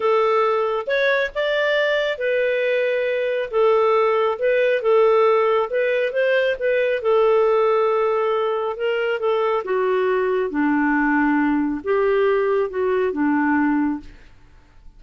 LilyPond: \new Staff \with { instrumentName = "clarinet" } { \time 4/4 \tempo 4 = 137 a'2 cis''4 d''4~ | d''4 b'2. | a'2 b'4 a'4~ | a'4 b'4 c''4 b'4 |
a'1 | ais'4 a'4 fis'2 | d'2. g'4~ | g'4 fis'4 d'2 | }